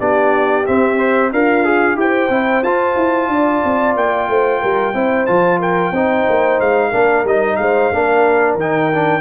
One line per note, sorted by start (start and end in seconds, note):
0.00 0.67 B3
0.00 0.66 D4
0.00 1.32 G4
0.00 0.66 D5
0.66 0.99 C4
0.66 1.33 C4
0.66 1.33 E5
0.99 1.32 C5
1.33 1.96 D4
1.33 1.99 F4
1.33 1.65 A#4
1.33 1.99 F5
1.65 1.96 G#4
1.96 2.29 E4
1.96 2.29 G4
1.96 3.31 C5
1.96 2.64 G5
2.30 2.63 C4
2.30 2.64 E4
2.63 2.96 F4
2.63 4.94 F4
2.63 3.96 A5
2.97 3.29 E4
3.29 3.62 D4
3.29 4.30 D5
3.65 3.96 C4
3.96 4.29 A#3
3.96 5.27 G5
4.29 4.62 A3
4.29 4.61 C5
4.61 4.94 G3
4.61 4.94 A#4
4.94 5.27 C4
4.94 5.27 E4
4.94 5.60 C5
5.27 5.92 F3
5.27 5.93 F4
5.27 5.59 A5
5.60 5.93 A#4
5.60 6.61 G5
5.92 6.25 C4
5.92 6.93 D#4
5.92 6.90 C5
6.29 6.61 A#3
6.61 6.94 G#3
6.61 7.27 F5
6.90 7.25 A#3
6.90 7.26 D4
6.90 7.56 A#4
7.25 7.58 G3
7.25 7.93 D#4
7.25 7.57 D#5
7.57 7.91 G#3
7.57 7.94 C5
7.57 8.56 F5
7.92 8.55 A#3
7.92 8.59 D4
7.92 9.21 A#4
8.55 9.21 D#3
8.55 8.93 D#4
8.55 9.21 G5
8.93 9.21 D4